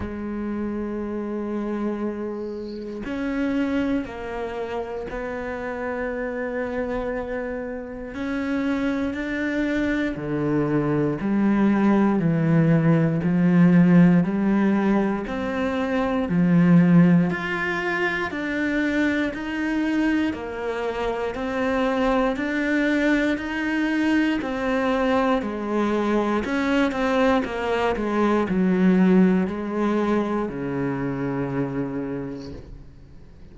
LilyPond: \new Staff \with { instrumentName = "cello" } { \time 4/4 \tempo 4 = 59 gis2. cis'4 | ais4 b2. | cis'4 d'4 d4 g4 | e4 f4 g4 c'4 |
f4 f'4 d'4 dis'4 | ais4 c'4 d'4 dis'4 | c'4 gis4 cis'8 c'8 ais8 gis8 | fis4 gis4 cis2 | }